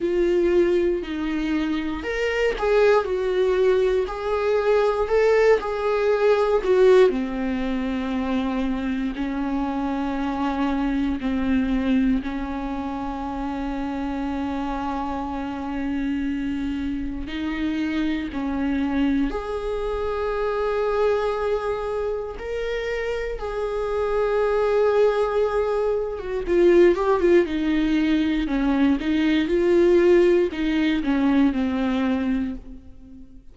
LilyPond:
\new Staff \with { instrumentName = "viola" } { \time 4/4 \tempo 4 = 59 f'4 dis'4 ais'8 gis'8 fis'4 | gis'4 a'8 gis'4 fis'8 c'4~ | c'4 cis'2 c'4 | cis'1~ |
cis'4 dis'4 cis'4 gis'4~ | gis'2 ais'4 gis'4~ | gis'4.~ gis'16 fis'16 f'8 g'16 f'16 dis'4 | cis'8 dis'8 f'4 dis'8 cis'8 c'4 | }